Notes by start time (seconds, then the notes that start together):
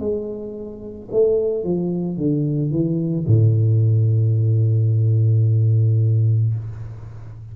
0.00 G#3
1.12 A3
1.65 F3
2.17 D3
2.71 E3
3.27 A2